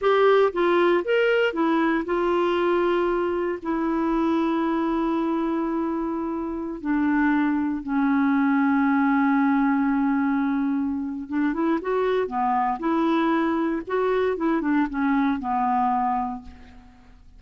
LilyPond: \new Staff \with { instrumentName = "clarinet" } { \time 4/4 \tempo 4 = 117 g'4 f'4 ais'4 e'4 | f'2. e'4~ | e'1~ | e'4~ e'16 d'2 cis'8.~ |
cis'1~ | cis'2 d'8 e'8 fis'4 | b4 e'2 fis'4 | e'8 d'8 cis'4 b2 | }